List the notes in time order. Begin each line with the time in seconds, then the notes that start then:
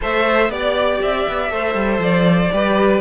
0.01 A3 A4 C5 E5
0.49 B3 G4 D5
1.01 C4 E5
1.28 B3
1.50 A3 A4 C5
1.74 G3
1.98 F3 D5
2.52 G3 G4 B4